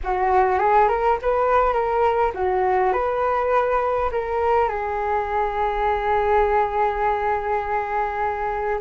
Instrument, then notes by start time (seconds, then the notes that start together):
flute
0.03 F#4
0.59 G#4
0.88 A#4
1.22 B4
1.73 A#4
2.34 F#4
2.93 B4
4.11 A#4
4.68 G#4